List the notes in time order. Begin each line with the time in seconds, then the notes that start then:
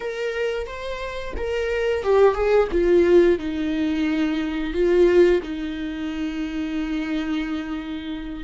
0.00 A#4
0.66 C5
1.36 A#4
2.03 G4
2.34 G#4
2.71 F4
3.38 D#4
4.73 F4
5.43 D#4